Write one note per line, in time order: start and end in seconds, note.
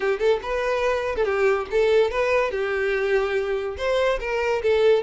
0.00 0.19 G4
0.19 0.40 A4
0.42 1.15 B4
1.15 1.25 A4
1.25 1.66 G4
1.70 2.10 A4
2.10 2.51 B4
2.51 3.76 G4
3.77 4.19 C5
4.20 4.62 A#4
4.62 5.02 A4